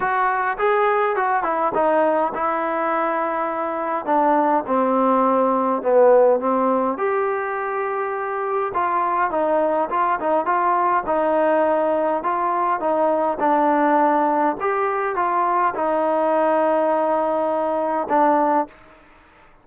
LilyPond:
\new Staff \with { instrumentName = "trombone" } { \time 4/4 \tempo 4 = 103 fis'4 gis'4 fis'8 e'8 dis'4 | e'2. d'4 | c'2 b4 c'4 | g'2. f'4 |
dis'4 f'8 dis'8 f'4 dis'4~ | dis'4 f'4 dis'4 d'4~ | d'4 g'4 f'4 dis'4~ | dis'2. d'4 | }